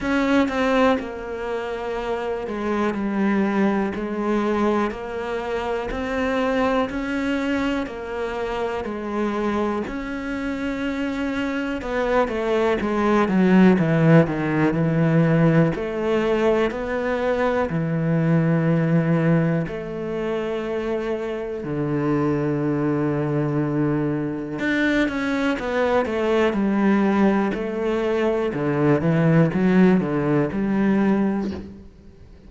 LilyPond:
\new Staff \with { instrumentName = "cello" } { \time 4/4 \tempo 4 = 61 cis'8 c'8 ais4. gis8 g4 | gis4 ais4 c'4 cis'4 | ais4 gis4 cis'2 | b8 a8 gis8 fis8 e8 dis8 e4 |
a4 b4 e2 | a2 d2~ | d4 d'8 cis'8 b8 a8 g4 | a4 d8 e8 fis8 d8 g4 | }